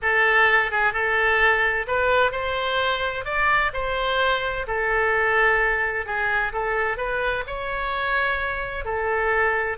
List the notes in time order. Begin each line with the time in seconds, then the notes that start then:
0.01 A4
0.71 G#4
0.93 A4
1.87 B4
2.31 C5
3.25 D5
3.73 C5
4.67 A4
6.05 G#4
6.52 A4
6.97 B4
7.47 C#5
8.85 A4